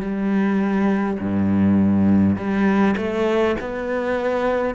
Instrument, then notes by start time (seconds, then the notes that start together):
cello
0.00 G3
1.19 G2
2.36 G3
2.96 A3
3.60 B3